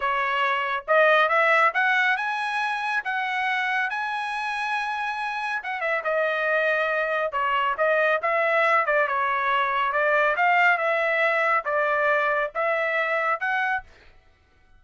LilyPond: \new Staff \with { instrumentName = "trumpet" } { \time 4/4 \tempo 4 = 139 cis''2 dis''4 e''4 | fis''4 gis''2 fis''4~ | fis''4 gis''2.~ | gis''4 fis''8 e''8 dis''2~ |
dis''4 cis''4 dis''4 e''4~ | e''8 d''8 cis''2 d''4 | f''4 e''2 d''4~ | d''4 e''2 fis''4 | }